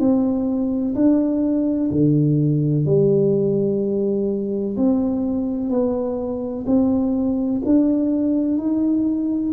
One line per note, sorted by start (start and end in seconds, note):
0.00 0.95 C4
0.96 1.91 D4
1.91 2.86 D3
2.86 4.77 G3
4.77 5.70 C4
5.70 6.65 B3
6.67 7.62 C4
7.66 8.58 D4
8.58 9.53 D#4